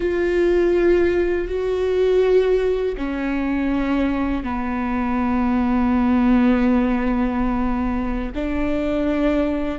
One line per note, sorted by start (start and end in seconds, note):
0.00 1.47 F4
1.47 2.95 F#4
2.97 4.43 C#4
4.43 8.32 B3
8.34 9.79 D4